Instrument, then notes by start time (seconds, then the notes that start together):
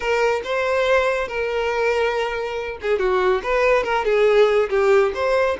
violin
0.00 A#4
0.44 C5
1.28 A#4
2.81 G#4
2.98 F#4
3.43 B4
3.83 A#4
4.04 G#4
4.69 G4
5.14 C5